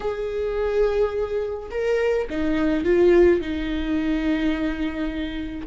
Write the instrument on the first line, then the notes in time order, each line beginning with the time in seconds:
viola
0.00 G#4
1.70 A#4
2.30 D#4
2.84 F4
3.41 D#4